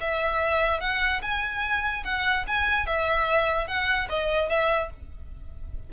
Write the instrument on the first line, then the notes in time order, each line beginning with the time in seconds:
violin
0.00 E5
0.80 F#5
1.22 G#5
2.04 F#5
2.47 G#5
2.86 E5
3.67 F#5
4.09 D#5
4.49 E5